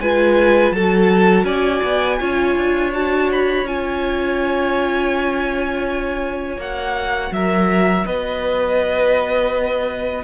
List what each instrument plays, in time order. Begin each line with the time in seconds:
0.00 cello G#3, viola F4, violin B4 G#5
0.72 cello F#3, viola F#4, violin A4 A5
1.44 cello C#4, violin D5 G#5
1.83 cello B3
2.20 cello C#4, viola F4, violin C#5
2.56 cello D4
2.92 viola F#4, violin A5
3.32 violin B5
3.64 cello C#4, viola F4, violin G#5
6.57 cello A#3, viola F#4, violin F#5
7.32 cello F#3, violin A#4 E5
8.06 cello B3, violin B4 D#5